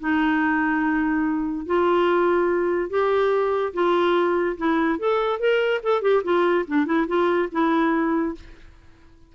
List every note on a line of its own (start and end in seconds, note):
0.00 1.66 D#4
1.66 2.90 F4
2.90 3.73 G4
3.73 4.57 F4
4.58 4.99 E4
4.99 5.39 A4
5.39 5.81 A#4
5.83 6.02 A4
6.02 6.23 G4
6.24 6.66 F4
6.67 6.86 D4
6.86 7.07 E4
7.08 7.49 F4
7.52 8.35 E4